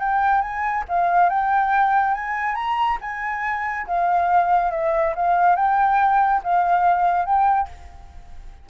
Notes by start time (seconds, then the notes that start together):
0.00 G5
0.42 G#5
0.89 F5
1.30 G5
2.15 G#5
2.55 A#5
3.01 G#5
3.88 F5
4.72 E5
5.16 F5
5.56 G5
6.44 F5
7.26 G5